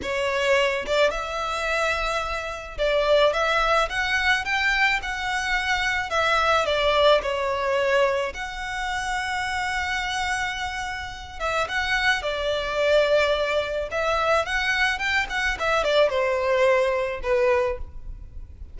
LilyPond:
\new Staff \with { instrumentName = "violin" } { \time 4/4 \tempo 4 = 108 cis''4. d''8 e''2~ | e''4 d''4 e''4 fis''4 | g''4 fis''2 e''4 | d''4 cis''2 fis''4~ |
fis''1~ | fis''8 e''8 fis''4 d''2~ | d''4 e''4 fis''4 g''8 fis''8 | e''8 d''8 c''2 b'4 | }